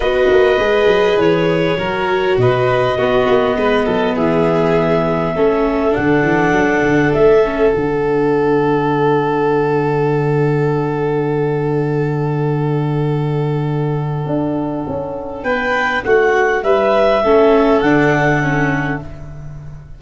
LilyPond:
<<
  \new Staff \with { instrumentName = "clarinet" } { \time 4/4 \tempo 4 = 101 dis''2 cis''2 | dis''2. e''4~ | e''2 fis''2 | e''4 fis''2.~ |
fis''1~ | fis''1~ | fis''2 g''4 fis''4 | e''2 fis''2 | }
  \new Staff \with { instrumentName = "violin" } { \time 4/4 b'2. ais'4 | b'4 fis'4 b'8 a'8 gis'4~ | gis'4 a'2.~ | a'1~ |
a'1~ | a'1~ | a'2 b'4 fis'4 | b'4 a'2. | }
  \new Staff \with { instrumentName = "viola" } { \time 4/4 fis'4 gis'2 fis'4~ | fis'4 b2.~ | b4 cis'4 d'2~ | d'8 cis'8 d'2.~ |
d'1~ | d'1~ | d'1~ | d'4 cis'4 d'4 cis'4 | }
  \new Staff \with { instrumentName = "tuba" } { \time 4/4 b8 ais8 gis8 fis8 e4 fis4 | b,4 b8 ais8 gis8 fis8 e4~ | e4 a4 d8 e8 fis8 d8 | a4 d2.~ |
d1~ | d1 | d'4 cis'4 b4 a4 | g4 a4 d2 | }
>>